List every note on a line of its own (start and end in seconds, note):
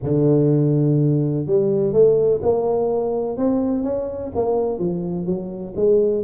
0.02 1.46 D3
1.46 1.92 G3
1.92 2.40 A3
2.42 3.37 A#3
3.37 3.83 C4
3.83 4.31 C#4
4.35 4.78 A#3
4.78 5.26 F3
5.26 5.74 F#3
5.76 6.23 G#3